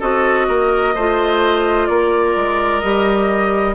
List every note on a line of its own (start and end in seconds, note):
0.00 0.48 C4
0.00 0.94 F#4
0.00 0.47 A4
0.00 1.87 D#5
0.48 0.95 A#3
0.48 0.95 A#4
0.95 1.89 A3
0.95 2.83 F4
0.95 1.88 C5
1.87 2.36 A#3
1.87 3.75 A#4
1.87 2.80 D5
2.36 2.83 G#3
2.80 3.75 G3
2.80 3.75 G4
2.80 3.74 D#5